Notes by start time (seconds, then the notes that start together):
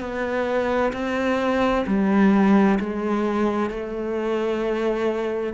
0.00 B3
0.93 C4
1.87 G3
2.80 G#3
3.70 A3